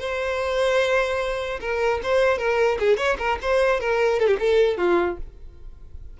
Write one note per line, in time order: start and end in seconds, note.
0.00 1.60 C5
1.61 2.01 A#4
2.03 2.38 C5
2.38 2.78 A#4
2.79 2.97 G#4
2.97 3.17 C#5
3.19 3.39 A#4
3.42 3.81 C5
3.81 4.19 A#4
4.19 4.27 A4
4.27 4.37 G4
4.39 4.77 A4
4.77 5.17 F4